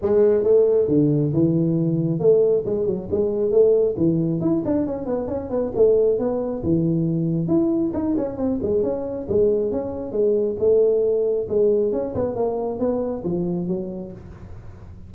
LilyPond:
\new Staff \with { instrumentName = "tuba" } { \time 4/4 \tempo 4 = 136 gis4 a4 d4 e4~ | e4 a4 gis8 fis8 gis4 | a4 e4 e'8 d'8 cis'8 b8 | cis'8 b8 a4 b4 e4~ |
e4 e'4 dis'8 cis'8 c'8 gis8 | cis'4 gis4 cis'4 gis4 | a2 gis4 cis'8 b8 | ais4 b4 f4 fis4 | }